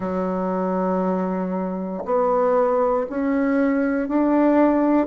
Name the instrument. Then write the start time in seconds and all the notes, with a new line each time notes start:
bassoon
0.00 F#3
2.05 B3
3.09 C#4
4.08 D4